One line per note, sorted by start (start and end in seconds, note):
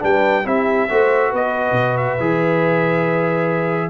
0.00 0.46 G3
0.00 0.43 D4
0.00 0.45 B4
0.00 0.47 G5
0.45 0.89 C4
0.45 0.89 E4
0.45 0.89 G4
0.45 1.34 E5
0.89 1.33 A3
0.89 2.20 F#4
0.89 1.30 C5
1.30 1.72 B3
1.30 3.90 B4
1.30 1.97 D#5
1.72 2.15 B2
1.97 3.90 E5
2.20 3.90 E3
2.20 3.90 G#4